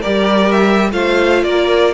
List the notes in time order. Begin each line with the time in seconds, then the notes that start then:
0.00 G3 G4 A#4 D5
0.52 E5
0.92 A3 F4 C5 F5
1.43 A#3 A#4 D5